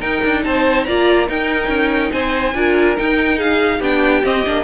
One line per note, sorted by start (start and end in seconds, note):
0.00 0.21 D#4
0.00 0.88 D#4
0.00 0.42 A#4
0.00 0.44 G5
0.25 0.46 D4
0.44 0.87 C4
0.44 0.87 C5
0.44 0.85 A5
0.85 1.29 A#3
0.85 1.27 F4
0.85 1.28 D5
0.85 1.27 A#5
1.27 2.54 D#4
1.27 1.69 D#4
1.27 2.12 A#4
1.27 2.12 G5
1.69 2.11 C#4
2.12 2.55 C4
2.12 2.55 C5
2.12 2.97 G#5
2.55 2.97 D4
2.55 2.97 F4
2.55 3.38 A#4
2.97 3.82 D#4
2.97 3.80 D#4
2.97 3.40 G5
3.38 3.79 G#4
3.38 3.82 F5
3.79 4.23 B3
3.79 4.24 D4
3.79 4.64 G4
3.79 4.25 G5
4.24 4.45 C4
4.24 4.46 C4
4.24 4.65 D#5
4.46 4.65 A#3
4.46 4.65 D4